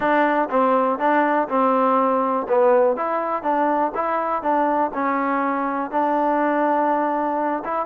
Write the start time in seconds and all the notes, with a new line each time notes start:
0.00 D4
0.50 C4
0.98 D4
1.48 C4
2.48 B3
2.96 E4
3.42 D4
3.95 E4
4.42 D4
4.94 C#4
5.90 D4
7.64 E4